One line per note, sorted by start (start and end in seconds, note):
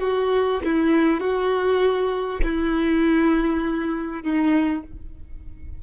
0.00 0.60 F#4
0.64 1.20 E4
1.20 2.40 F#4
2.43 4.22 E4
4.22 4.82 D#4